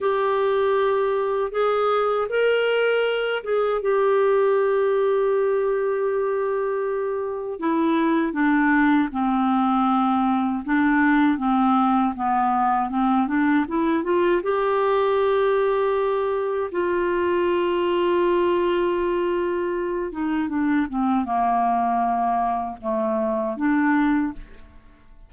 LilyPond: \new Staff \with { instrumentName = "clarinet" } { \time 4/4 \tempo 4 = 79 g'2 gis'4 ais'4~ | ais'8 gis'8 g'2.~ | g'2 e'4 d'4 | c'2 d'4 c'4 |
b4 c'8 d'8 e'8 f'8 g'4~ | g'2 f'2~ | f'2~ f'8 dis'8 d'8 c'8 | ais2 a4 d'4 | }